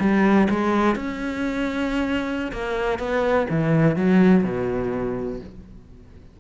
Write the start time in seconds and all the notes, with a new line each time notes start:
0.00 G3
0.50 G#3
0.96 C#4
2.53 A#3
2.99 B3
3.50 E3
3.97 F#3
4.44 B2